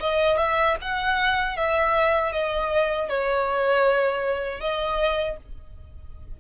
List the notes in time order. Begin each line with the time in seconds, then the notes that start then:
0.00 D#5
0.37 E5
0.81 F#5
1.57 E5
2.32 D#5
3.09 C#5
4.60 D#5